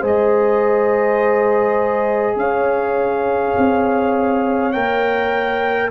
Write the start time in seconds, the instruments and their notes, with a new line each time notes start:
0.00 tuba G#3, trombone G#4, horn C5
0.06 trumpet D#5
2.36 tuba C#4, horn C#5, trumpet F5
3.57 tuba C4
4.72 tuba A#3, trombone A#4, trumpet G5